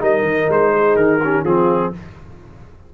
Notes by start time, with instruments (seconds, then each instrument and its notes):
0.00 tuba G3, trombone D#4, horn A#4, trumpet D#5
0.22 tuba D#3
0.49 tuba G#3, trumpet C5
0.74 horn G#4
0.96 tuba D#3, trumpet A#4
1.22 trombone C#4, horn G4
1.43 tuba F3, trombone C4, horn F4, trumpet G#4